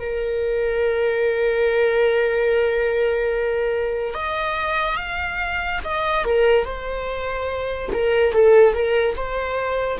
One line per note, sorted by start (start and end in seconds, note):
0.00 4.14 A#4
4.14 4.96 D#5
4.96 5.80 F5
5.84 6.24 D#5
6.24 6.65 A#4
6.65 7.90 C5
7.93 8.33 A#4
8.33 8.74 A4
8.74 9.16 A#4
9.16 9.99 C5